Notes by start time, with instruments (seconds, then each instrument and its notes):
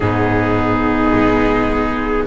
0.00 double bass G#2, viola B3 D#4, trumpet G#4
1.14 double bass G#3